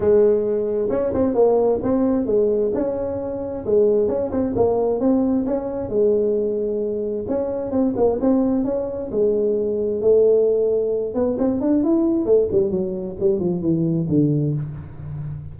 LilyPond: \new Staff \with { instrumentName = "tuba" } { \time 4/4 \tempo 4 = 132 gis2 cis'8 c'8 ais4 | c'4 gis4 cis'2 | gis4 cis'8 c'8 ais4 c'4 | cis'4 gis2. |
cis'4 c'8 ais8 c'4 cis'4 | gis2 a2~ | a8 b8 c'8 d'8 e'4 a8 g8 | fis4 g8 f8 e4 d4 | }